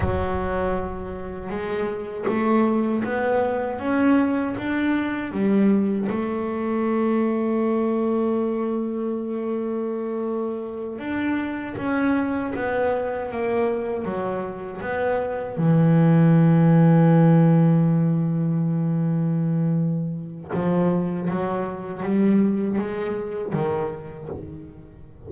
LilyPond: \new Staff \with { instrumentName = "double bass" } { \time 4/4 \tempo 4 = 79 fis2 gis4 a4 | b4 cis'4 d'4 g4 | a1~ | a2~ a8 d'4 cis'8~ |
cis'8 b4 ais4 fis4 b8~ | b8 e2.~ e8~ | e2. f4 | fis4 g4 gis4 dis4 | }